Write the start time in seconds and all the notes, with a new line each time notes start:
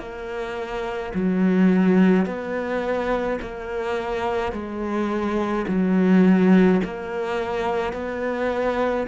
0.00 A#3
1.15 F#3
2.26 B3
3.42 A#3
4.53 G#3
5.68 F#3
6.85 A#3
7.93 B3